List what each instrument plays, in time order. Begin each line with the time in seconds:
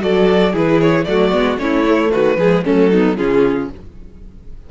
0.00 cello F#3, viola F#4, violin A4 D5
0.53 cello E3, viola E4, violin G#4 B4
0.81 violin C#5
1.04 cello F#3, viola A3, violin F#4 D5
1.32 cello G#3, viola B3
1.57 cello A3, viola C#4, violin E4 C#5
1.86 viola A3
2.11 cello D#3, violin F#4 B4
2.37 cello F3, viola G#3, violin G#4
2.65 cello F#3, viola A3, violin C#4 A4
2.91 viola B3, violin D#4
3.17 cello C#3, viola C#4, violin F4 G#4